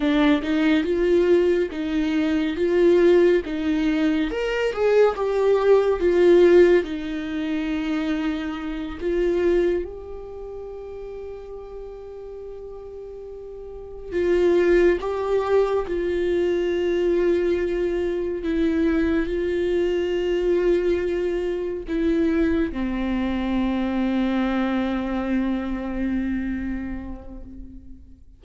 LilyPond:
\new Staff \with { instrumentName = "viola" } { \time 4/4 \tempo 4 = 70 d'8 dis'8 f'4 dis'4 f'4 | dis'4 ais'8 gis'8 g'4 f'4 | dis'2~ dis'8 f'4 g'8~ | g'1~ |
g'8 f'4 g'4 f'4.~ | f'4. e'4 f'4.~ | f'4. e'4 c'4.~ | c'1 | }